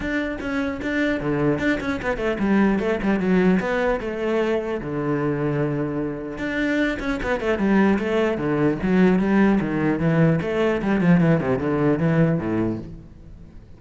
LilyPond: \new Staff \with { instrumentName = "cello" } { \time 4/4 \tempo 4 = 150 d'4 cis'4 d'4 d4 | d'8 cis'8 b8 a8 g4 a8 g8 | fis4 b4 a2 | d1 |
d'4. cis'8 b8 a8 g4 | a4 d4 fis4 g4 | dis4 e4 a4 g8 f8 | e8 c8 d4 e4 a,4 | }